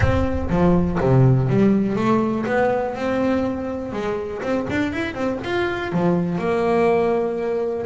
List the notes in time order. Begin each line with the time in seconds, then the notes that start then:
0.00 C4
0.49 F3
1.00 C3
1.49 G3
1.96 A3
2.45 B3
2.95 C4
3.92 G#3
4.42 C4
4.70 D4
4.92 E4
5.14 C4
5.43 F4
5.92 F3
6.38 A#3